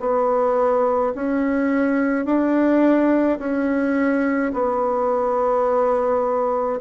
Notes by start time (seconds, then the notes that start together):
0.00 B3
1.15 C#4
2.25 D4
3.39 C#4
4.53 B3